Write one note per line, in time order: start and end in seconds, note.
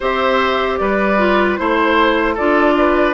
0.00 0.79 C4
0.00 1.18 G4
0.00 0.79 C5
0.00 0.77 E5
0.77 1.59 G3
0.77 1.59 B4
0.77 1.56 D5
1.18 1.57 F4
1.56 2.38 A3
1.56 2.36 E4
1.56 2.35 C5
1.56 2.34 C5
2.34 3.14 D4
2.34 3.14 F4
2.34 2.73 A4
2.34 3.14 D5
2.78 3.14 B4